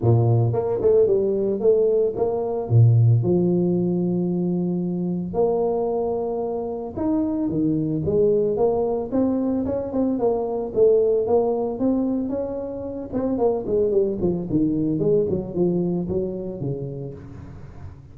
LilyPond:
\new Staff \with { instrumentName = "tuba" } { \time 4/4 \tempo 4 = 112 ais,4 ais8 a8 g4 a4 | ais4 ais,4 f2~ | f2 ais2~ | ais4 dis'4 dis4 gis4 |
ais4 c'4 cis'8 c'8 ais4 | a4 ais4 c'4 cis'4~ | cis'8 c'8 ais8 gis8 g8 f8 dis4 | gis8 fis8 f4 fis4 cis4 | }